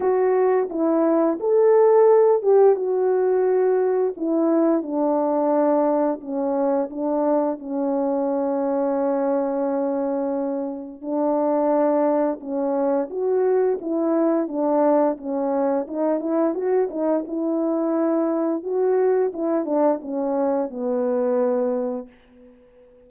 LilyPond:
\new Staff \with { instrumentName = "horn" } { \time 4/4 \tempo 4 = 87 fis'4 e'4 a'4. g'8 | fis'2 e'4 d'4~ | d'4 cis'4 d'4 cis'4~ | cis'1 |
d'2 cis'4 fis'4 | e'4 d'4 cis'4 dis'8 e'8 | fis'8 dis'8 e'2 fis'4 | e'8 d'8 cis'4 b2 | }